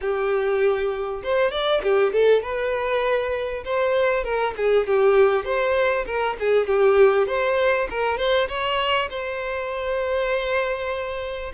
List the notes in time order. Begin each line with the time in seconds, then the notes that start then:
0.01 G4
1.23 C5
1.51 D5
1.82 G4
2.12 A4
2.42 B4
3.64 C5
4.23 A#4
4.56 G#4
4.87 G4
5.44 C5
6.06 A#4
6.39 G#4
6.66 G4
7.27 C5
7.90 A#4
8.17 C5
8.48 C#5
9.10 C5